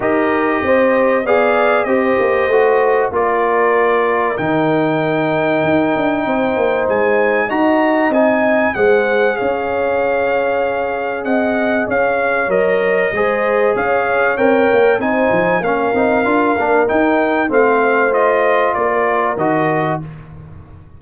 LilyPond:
<<
  \new Staff \with { instrumentName = "trumpet" } { \time 4/4 \tempo 4 = 96 dis''2 f''4 dis''4~ | dis''4 d''2 g''4~ | g''2. gis''4 | ais''4 gis''4 fis''4 f''4~ |
f''2 fis''4 f''4 | dis''2 f''4 g''4 | gis''4 f''2 g''4 | f''4 dis''4 d''4 dis''4 | }
  \new Staff \with { instrumentName = "horn" } { \time 4/4 ais'4 c''4 d''4 c''4~ | c''4 ais'2.~ | ais'2 c''2 | dis''2 c''4 cis''4~ |
cis''2 dis''4 cis''4~ | cis''4 c''4 cis''2 | c''4 ais'2. | c''2 ais'2 | }
  \new Staff \with { instrumentName = "trombone" } { \time 4/4 g'2 gis'4 g'4 | fis'4 f'2 dis'4~ | dis'1 | fis'4 dis'4 gis'2~ |
gis'1 | ais'4 gis'2 ais'4 | dis'4 cis'8 dis'8 f'8 d'8 dis'4 | c'4 f'2 fis'4 | }
  \new Staff \with { instrumentName = "tuba" } { \time 4/4 dis'4 c'4 b4 c'8 ais8 | a4 ais2 dis4~ | dis4 dis'8 d'8 c'8 ais8 gis4 | dis'4 c'4 gis4 cis'4~ |
cis'2 c'4 cis'4 | fis4 gis4 cis'4 c'8 ais8 | c'8 f8 ais8 c'8 d'8 ais8 dis'4 | a2 ais4 dis4 | }
>>